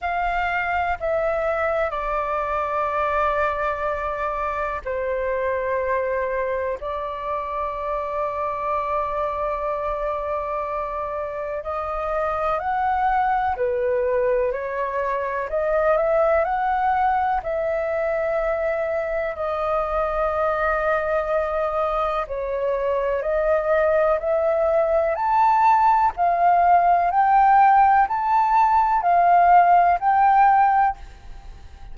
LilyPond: \new Staff \with { instrumentName = "flute" } { \time 4/4 \tempo 4 = 62 f''4 e''4 d''2~ | d''4 c''2 d''4~ | d''1 | dis''4 fis''4 b'4 cis''4 |
dis''8 e''8 fis''4 e''2 | dis''2. cis''4 | dis''4 e''4 a''4 f''4 | g''4 a''4 f''4 g''4 | }